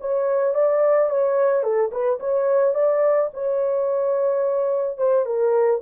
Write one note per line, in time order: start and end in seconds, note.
0.00 0.54 C#5
0.54 1.09 D5
1.09 1.63 C#5
1.63 1.91 A4
1.91 2.19 B4
2.19 2.74 C#5
2.74 3.30 D5
3.33 4.97 C#5
4.97 5.25 C5
5.25 5.81 A#4